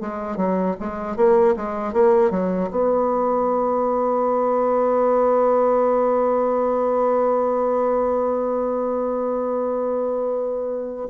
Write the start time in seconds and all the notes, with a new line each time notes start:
0.00 G#3
0.36 F#3
0.79 G#3
1.16 A#3
1.56 G#3
1.93 A#3
2.30 F#3
2.70 B3